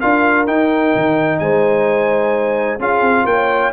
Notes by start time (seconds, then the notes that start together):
0.00 D4 F4 A#4 F5
0.47 D#4 G5
0.96 D#3
1.39 G#3 C5 G#5
2.78 C#4 F4 G#4 F5
3.01 C4
3.25 A#3 C#5 G5